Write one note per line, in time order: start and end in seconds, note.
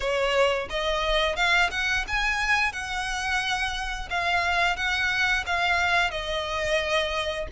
0.00 0.68 C#5
0.69 1.35 D#5
1.35 1.70 F5
1.70 2.05 F#5
2.07 2.72 G#5
2.72 4.08 F#5
4.09 4.76 F5
4.76 5.44 F#5
5.46 6.11 F5
6.11 7.47 D#5